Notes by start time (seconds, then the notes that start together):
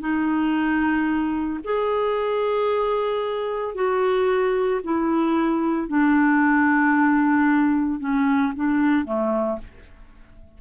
0.00 D#4
1.64 G#4
3.75 F#4
4.83 E4
5.88 D4
8.00 C#4
8.56 D4
9.05 A3